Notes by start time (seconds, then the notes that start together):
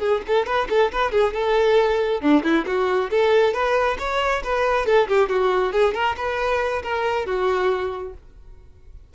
0.00 G#4
0.28 A4
0.47 B4
0.70 A4
0.92 B4
1.12 G#4
1.34 A4
2.21 D4
2.43 E4
2.67 F#4
3.11 A4
3.54 B4
3.99 C#5
4.44 B4
4.86 A4
5.08 G4
5.30 F#4
5.73 G#4
5.94 A#4
6.17 B4
6.83 A#4
7.26 F#4